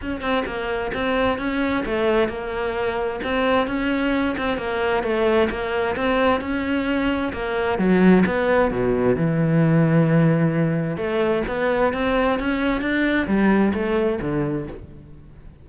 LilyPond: \new Staff \with { instrumentName = "cello" } { \time 4/4 \tempo 4 = 131 cis'8 c'8 ais4 c'4 cis'4 | a4 ais2 c'4 | cis'4. c'8 ais4 a4 | ais4 c'4 cis'2 |
ais4 fis4 b4 b,4 | e1 | a4 b4 c'4 cis'4 | d'4 g4 a4 d4 | }